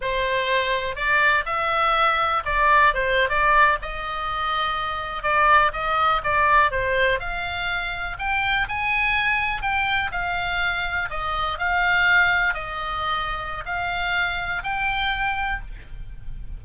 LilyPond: \new Staff \with { instrumentName = "oboe" } { \time 4/4 \tempo 4 = 123 c''2 d''4 e''4~ | e''4 d''4 c''8. d''4 dis''16~ | dis''2~ dis''8. d''4 dis''16~ | dis''8. d''4 c''4 f''4~ f''16~ |
f''8. g''4 gis''2 g''16~ | g''8. f''2 dis''4 f''16~ | f''4.~ f''16 dis''2~ dis''16 | f''2 g''2 | }